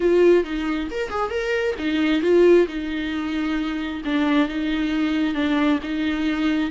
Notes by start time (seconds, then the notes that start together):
0.00 F4
0.44 D#4
0.90 A#4
1.09 G#4
1.30 A#4
1.78 D#4
2.21 F4
2.67 D#4
4.05 D4
4.48 D#4
5.34 D4
5.82 D#4